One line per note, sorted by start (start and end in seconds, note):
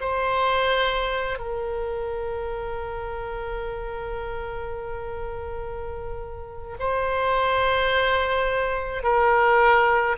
0.00 1.38 C5
1.38 6.76 A#4
6.79 9.03 C5
9.03 10.16 A#4